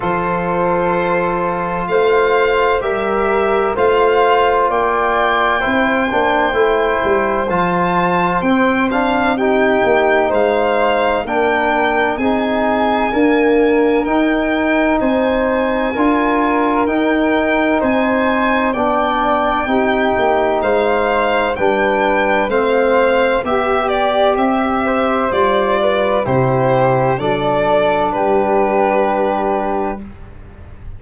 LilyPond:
<<
  \new Staff \with { instrumentName = "violin" } { \time 4/4 \tempo 4 = 64 c''2 f''4 e''4 | f''4 g''2. | a''4 g''8 f''8 g''4 f''4 | g''4 gis''2 g''4 |
gis''2 g''4 gis''4 | g''2 f''4 g''4 | f''4 e''8 d''8 e''4 d''4 | c''4 d''4 b'2 | }
  \new Staff \with { instrumentName = "flute" } { \time 4/4 a'2 c''4 ais'4 | c''4 d''4 c''2~ | c''2 g'4 c''4 | ais'4 gis'4 ais'2 |
c''4 ais'2 c''4 | d''4 g'4 c''4 b'4 | c''4 g'4. c''4 b'8 | g'4 a'4 g'2 | }
  \new Staff \with { instrumentName = "trombone" } { \time 4/4 f'2. g'4 | f'2 e'8 d'8 e'4 | f'4 c'8 d'8 dis'2 | d'4 dis'4 ais4 dis'4~ |
dis'4 f'4 dis'2 | d'4 dis'2 d'4 | c'4 g'2 f'4 | e'4 d'2. | }
  \new Staff \with { instrumentName = "tuba" } { \time 4/4 f2 a4 g4 | a4 ais4 c'8 ais8 a8 g8 | f4 c'4. ais8 gis4 | ais4 c'4 d'4 dis'4 |
c'4 d'4 dis'4 c'4 | b4 c'8 ais8 gis4 g4 | a4 b4 c'4 g4 | c4 fis4 g2 | }
>>